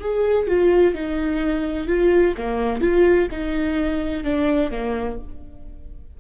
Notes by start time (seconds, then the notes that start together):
0.00 G#4
0.47 F4
0.94 D#4
1.87 F4
2.37 A#3
2.81 F4
3.31 D#4
4.24 D4
4.71 A#3